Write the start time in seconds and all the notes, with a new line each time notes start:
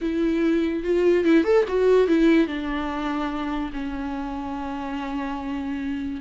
0.01 E4
0.83 F4
1.24 E4
1.44 A4
1.68 F#4
2.07 E4
2.47 D4
3.72 C#4